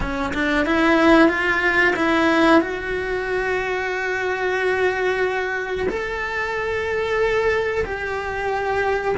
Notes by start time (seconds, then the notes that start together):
0.00 C#4
0.33 D4
0.65 E4
1.28 F4
1.96 E4
2.61 F#4
5.88 A4
7.84 G4